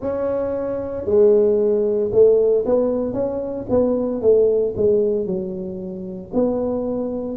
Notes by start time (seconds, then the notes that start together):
0.01 C#4
1.05 G#3
2.11 A3
2.65 B3
3.13 C#4
3.69 B3
4.21 A3
4.76 G#3
5.26 F#3
6.33 B3